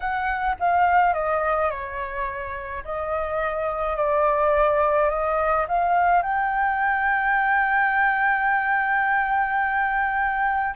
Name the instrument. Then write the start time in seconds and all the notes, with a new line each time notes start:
flute
0.00 F#5
0.59 F5
1.13 D#5
1.70 C#5
2.84 D#5
3.96 D5
5.09 D#5
5.68 F5
6.22 G5